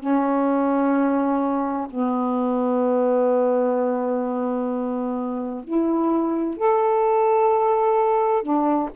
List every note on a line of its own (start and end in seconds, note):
0.00 1.87 C#4
1.90 5.64 B3
5.64 6.57 E4
6.57 8.42 A4
8.42 8.89 D4